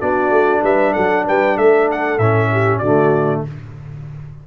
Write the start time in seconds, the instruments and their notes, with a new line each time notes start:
0.00 tuba B3, trombone D4, horn F#4, trumpet D5
0.31 tuba A3
0.63 tuba G3, horn B4, trumpet E5
0.94 tuba F#3, horn A4, trumpet F#5
1.27 tuba G3, horn B4, trumpet G5
1.57 tuba A3, horn A4, trumpet E5
1.92 trumpet F#5
2.19 tuba A2, trombone C#4, trumpet E5
2.52 horn G4
2.79 tuba D3, horn F#4, trumpet D5
2.85 trombone A3